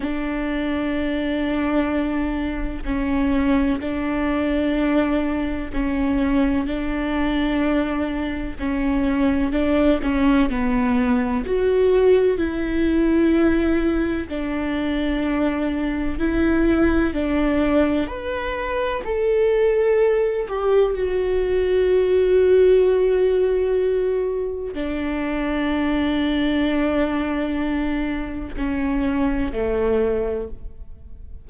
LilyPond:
\new Staff \with { instrumentName = "viola" } { \time 4/4 \tempo 4 = 63 d'2. cis'4 | d'2 cis'4 d'4~ | d'4 cis'4 d'8 cis'8 b4 | fis'4 e'2 d'4~ |
d'4 e'4 d'4 b'4 | a'4. g'8 fis'2~ | fis'2 d'2~ | d'2 cis'4 a4 | }